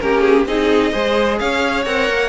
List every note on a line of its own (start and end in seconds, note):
0.00 0.46 A#3
0.00 0.47 C#4
0.00 0.48 G4
0.00 0.21 A#4
0.21 0.45 G#4
0.46 0.93 C4
0.46 0.92 D#4
0.46 0.92 G#4
0.46 1.38 D#5
0.92 1.40 G#3
0.92 1.85 G#4
0.92 1.39 C5
1.38 1.86 C#4
1.38 2.28 C#5
1.38 1.85 F5
1.85 2.09 C4
1.85 2.28 A#4
1.85 2.28 F#5
2.09 2.28 A#3